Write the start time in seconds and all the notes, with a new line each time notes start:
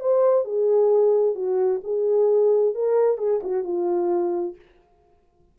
0.00 C5
0.45 G#4
1.35 F#4
1.84 G#4
2.74 A#4
3.18 G#4
3.43 F#4
3.63 F4